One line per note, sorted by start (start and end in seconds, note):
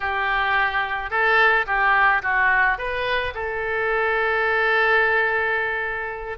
0.00 1.10 G4
1.10 1.65 A4
1.66 2.22 G4
2.22 2.78 F#4
2.78 3.33 B4
3.34 6.38 A4